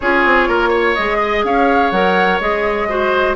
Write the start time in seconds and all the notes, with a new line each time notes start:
0.00 C#4 F4 G#4 C#5
0.25 C4
0.48 A#3 A#4
0.69 C#5
0.93 G#3 G#4 D#5
1.21 D#5
1.44 C#4 C#5 F5
1.90 F#3 A#4 F#5
2.40 G#3 G#4 D#5
2.88 F#4 C5